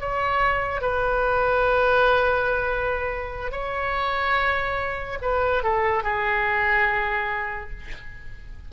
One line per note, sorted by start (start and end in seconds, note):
0.00 0.81 C#5
0.81 3.52 B4
3.52 5.19 C#5
5.22 5.63 B4
5.63 6.03 A4
6.03 7.70 G#4